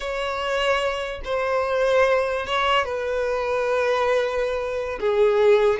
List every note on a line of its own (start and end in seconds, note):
0.00 1.21 C#5
1.24 2.46 C5
2.46 2.84 C#5
2.84 4.99 B4
4.99 5.79 G#4